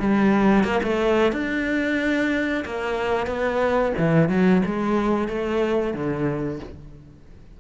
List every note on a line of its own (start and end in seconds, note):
0.00 0.64 G3
0.64 0.81 A#3
0.83 1.32 A3
1.32 2.64 D4
2.65 3.27 A#3
3.27 3.93 B3
3.98 4.29 E3
4.29 4.62 F#3
4.66 5.28 G#3
5.28 5.94 A3
5.94 6.60 D3